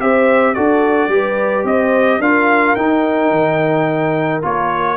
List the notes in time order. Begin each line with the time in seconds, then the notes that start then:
0.00 C4 G4 C5 E5
0.54 D4 F#4 A4 D5
1.09 G3 G4 B4
1.64 C4 C5 D#5
2.20 D4 F4 A#4 F5
2.76 D#4 G5
3.32 D#3
4.42 A#3 F4 C#5